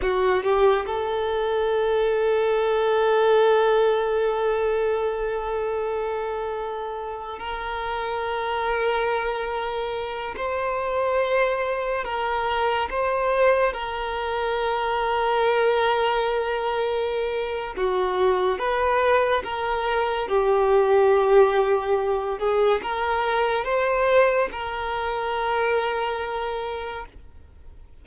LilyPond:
\new Staff \with { instrumentName = "violin" } { \time 4/4 \tempo 4 = 71 fis'8 g'8 a'2.~ | a'1~ | a'8. ais'2.~ ais'16~ | ais'16 c''2 ais'4 c''8.~ |
c''16 ais'2.~ ais'8.~ | ais'4 fis'4 b'4 ais'4 | g'2~ g'8 gis'8 ais'4 | c''4 ais'2. | }